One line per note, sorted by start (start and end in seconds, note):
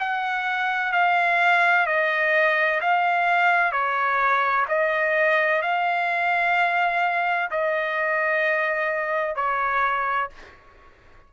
0.00 0.93 F#5
0.93 1.87 F5
1.87 2.81 D#5
2.81 3.72 F5
3.72 4.66 C#5
4.69 5.62 D#5
5.62 7.50 F5
7.51 9.36 D#5
9.36 10.30 C#5